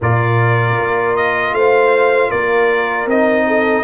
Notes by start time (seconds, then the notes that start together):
0.00 A#2 F4 A#4 D5
0.78 A#3
1.16 D#5
1.53 A3 C5 F5
2.29 A#3 A#4 D5
3.06 C4 D#4 D#5
3.46 A4